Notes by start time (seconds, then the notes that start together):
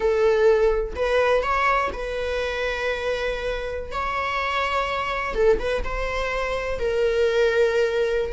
0.00 A4
0.95 B4
1.42 C#5
1.92 B4
3.91 C#5
5.34 A4
5.59 B4
5.83 C5
6.79 A#4